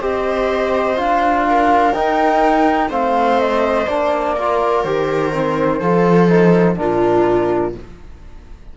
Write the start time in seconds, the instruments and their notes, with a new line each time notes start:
0.00 cello C4, trombone G4, viola C5, flute D#5
0.96 cello D4, trombone F4, flute F5
1.49 viola A#4
1.93 trombone D#4, cello D#4, flute G5
2.89 cello A3, trombone C4, viola C5, flute F5
3.40 flute D#5
3.87 cello A#3, trombone D4, flute D5
4.36 trombone F4, viola A#4
4.83 cello D#3, trombone G4, flute C5
5.33 trombone C4
5.80 cello F3, trombone F4, viola A4
6.28 trombone D#4
6.76 cello A#2, trombone D4, viola F4, flute A#4